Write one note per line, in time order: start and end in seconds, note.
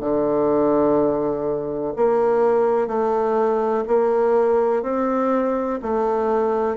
0.00 1.94 D3
1.96 2.87 A#3
2.87 3.84 A3
3.87 4.83 A#3
4.83 5.79 C4
5.82 6.77 A3